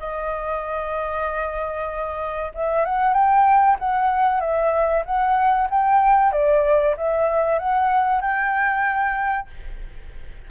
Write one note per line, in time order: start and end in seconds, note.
0.00 2.53 D#5
2.55 2.86 E5
2.86 3.14 F#5
3.14 3.78 G5
3.80 4.41 F#5
4.41 5.04 E5
5.06 5.69 F#5
5.70 6.33 G5
6.33 6.96 D5
6.97 7.59 E5
7.59 8.22 F#5
8.22 9.48 G5